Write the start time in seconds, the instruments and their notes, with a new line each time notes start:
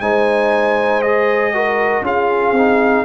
0.00 tuba G#3, trombone D#4, horn C5, trumpet G#5
1.02 trombone G#4, trumpet D#5
1.54 trombone F#4, horn A#4
2.01 tuba C#4, trombone F4, horn G#4, trumpet F5
2.52 tuba C4, trombone D#4